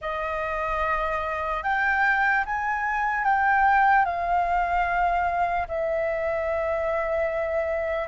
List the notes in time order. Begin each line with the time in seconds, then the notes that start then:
0.01 D#5
1.63 G5
2.45 G#5
3.24 G5
4.05 F5
5.68 E5